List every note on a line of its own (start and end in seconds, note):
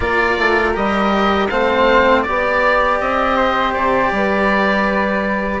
0.00 0.37 A#3
0.00 0.73 F4
0.00 1.52 A#4
0.00 0.71 D5
0.38 0.75 A3
0.74 1.50 G3
0.74 1.49 G4
0.74 1.49 D#5
1.49 2.25 A3
1.49 2.24 C4
1.49 2.24 C5
1.49 2.22 F5
2.22 3.00 B3
2.22 5.60 G4
2.22 2.97 D5
2.22 3.36 D5
3.00 3.75 C4
3.00 3.73 D#5
3.36 4.11 C5
3.73 4.11 C3
3.73 5.60 D5
4.11 5.60 G3
4.11 5.60 B4